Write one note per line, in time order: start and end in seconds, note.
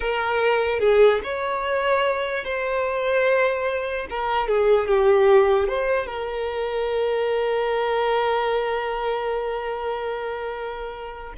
0.00 0.79 A#4
0.79 1.20 G#4
1.23 2.44 C#5
2.44 4.06 C5
4.09 4.47 A#4
4.47 4.87 G#4
4.87 5.68 G4
5.68 6.06 C5
6.06 11.33 A#4